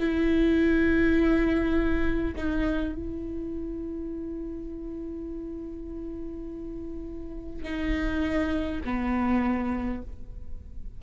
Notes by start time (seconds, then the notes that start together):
0.00 E4
2.37 D#4
2.96 E4
7.64 D#4
8.85 B3